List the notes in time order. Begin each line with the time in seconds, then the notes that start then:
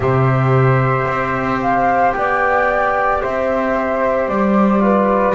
0.00 C3 G4 C5 E5
1.07 C4
1.61 F5
2.11 B3 D5 G5
3.21 C4 C5 E5
4.28 G3 D5
4.80 F4 B4